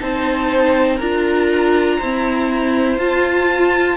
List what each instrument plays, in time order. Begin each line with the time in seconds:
0.00 cello C4, viola D#4, violin C5 A5
0.97 cello D4, viola F4, violin A#4 A#5
1.98 viola C4, cello E4, violin C5
2.98 viola F4, cello F4, violin A5